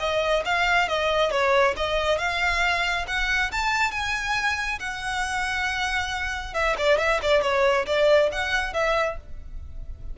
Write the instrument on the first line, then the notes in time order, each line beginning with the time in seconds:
violin
0.00 D#5
0.45 F5
0.88 D#5
1.31 C#5
1.77 D#5
2.18 F5
3.08 F#5
3.52 A5
3.92 G#5
4.80 F#5
6.54 E5
6.78 D5
6.98 E5
7.22 D5
7.42 C#5
7.86 D5
8.32 F#5
8.74 E5